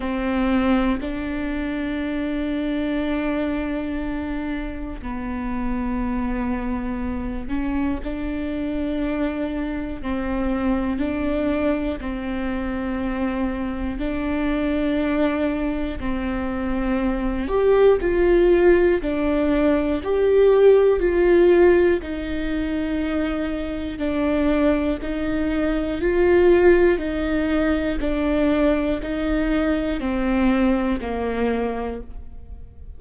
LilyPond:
\new Staff \with { instrumentName = "viola" } { \time 4/4 \tempo 4 = 60 c'4 d'2.~ | d'4 b2~ b8 cis'8 | d'2 c'4 d'4 | c'2 d'2 |
c'4. g'8 f'4 d'4 | g'4 f'4 dis'2 | d'4 dis'4 f'4 dis'4 | d'4 dis'4 c'4 ais4 | }